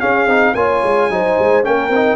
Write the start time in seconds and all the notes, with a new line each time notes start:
0.00 C#4 G#4 F5
0.27 C4 D#4
0.55 A#3 F4 C#5 G#5
0.83 G#3
1.10 F#3 D#4 C5
1.39 G#3
1.63 A#3 C#4 A#4 G5
1.89 C4 D#4